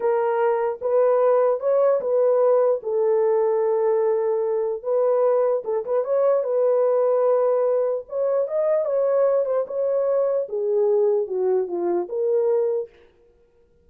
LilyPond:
\new Staff \with { instrumentName = "horn" } { \time 4/4 \tempo 4 = 149 ais'2 b'2 | cis''4 b'2 a'4~ | a'1 | b'2 a'8 b'8 cis''4 |
b'1 | cis''4 dis''4 cis''4. c''8 | cis''2 gis'2 | fis'4 f'4 ais'2 | }